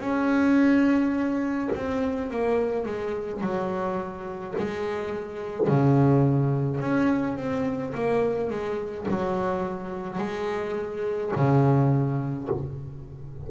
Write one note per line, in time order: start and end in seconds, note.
0.00 1.70 C#4
1.75 2.31 C4
2.31 2.86 A#3
2.86 3.42 G#3
3.42 4.55 F#3
4.58 5.68 G#3
5.68 6.81 C#3
6.81 7.37 C#4
7.37 7.93 C4
7.95 8.50 A#3
8.50 9.07 G#3
9.09 10.19 F#3
10.19 11.32 G#3
11.36 12.49 C#3